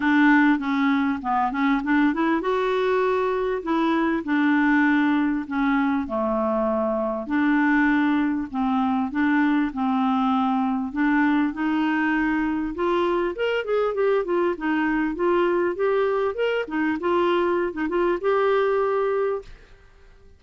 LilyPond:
\new Staff \with { instrumentName = "clarinet" } { \time 4/4 \tempo 4 = 99 d'4 cis'4 b8 cis'8 d'8 e'8 | fis'2 e'4 d'4~ | d'4 cis'4 a2 | d'2 c'4 d'4 |
c'2 d'4 dis'4~ | dis'4 f'4 ais'8 gis'8 g'8 f'8 | dis'4 f'4 g'4 ais'8 dis'8 | f'4~ f'16 dis'16 f'8 g'2 | }